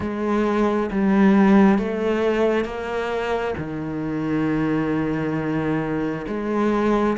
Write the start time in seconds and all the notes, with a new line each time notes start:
0.00 G#3
0.91 G3
1.78 A3
2.64 A#3
3.57 D#3
6.27 G#3